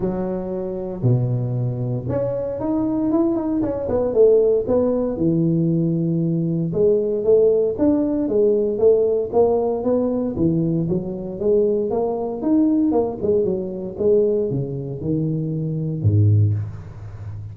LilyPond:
\new Staff \with { instrumentName = "tuba" } { \time 4/4 \tempo 4 = 116 fis2 b,2 | cis'4 dis'4 e'8 dis'8 cis'8 b8 | a4 b4 e2~ | e4 gis4 a4 d'4 |
gis4 a4 ais4 b4 | e4 fis4 gis4 ais4 | dis'4 ais8 gis8 fis4 gis4 | cis4 dis2 gis,4 | }